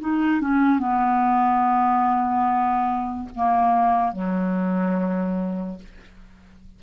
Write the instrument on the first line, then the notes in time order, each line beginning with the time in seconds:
clarinet
0.00 D#4
0.41 C#4
0.79 B3
3.35 A#3
4.12 F#3